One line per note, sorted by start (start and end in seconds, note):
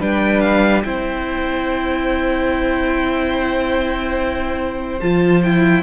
0.00 0.84 G3
0.00 0.83 D4
0.00 0.84 B4
0.00 0.41 G5
0.41 0.82 F5
0.84 5.01 C4
0.84 5.01 E4
0.84 5.83 C5
0.84 5.00 G5
5.00 5.83 F3
5.00 5.43 F4
5.00 5.42 A5
5.43 5.83 E4
5.43 5.83 G5